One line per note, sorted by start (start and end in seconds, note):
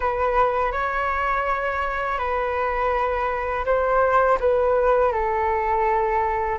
0.00 0.72 B4
0.72 2.18 C#5
2.18 3.65 B4
3.65 4.38 C5
4.40 5.12 B4
5.12 6.59 A4